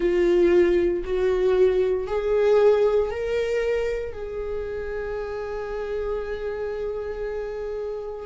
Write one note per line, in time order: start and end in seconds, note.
0.00 1.03 F4
1.04 2.07 F#4
2.07 3.10 G#4
3.10 4.12 A#4
4.12 8.26 G#4